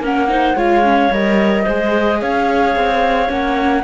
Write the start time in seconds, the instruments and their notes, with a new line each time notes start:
0.00 cello A#3, viola C#4, clarinet A#4, flute F#5
0.29 viola D#4, clarinet C5
0.55 cello G#3, viola F4, clarinet C#5, flute F5
0.84 viola C#4
1.11 cello G3, viola A#4, flute D#5
1.63 cello G#3, viola G#4, clarinet C5
2.21 cello C#4, clarinet C#5, flute F5
2.76 cello C4
3.29 cello A#3, viola C#4, flute F#5